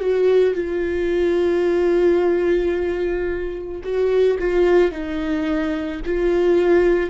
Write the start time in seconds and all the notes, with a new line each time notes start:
0.00 F#4
0.54 F4
3.83 F#4
4.39 F4
4.91 D#4
6.05 F4